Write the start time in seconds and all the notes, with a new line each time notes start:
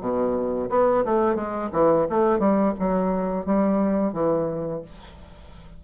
0.00 B2
0.70 B3
1.04 A3
1.35 G#3
1.72 E3
2.09 A3
2.39 G3
2.79 F#3
3.45 G3
4.13 E3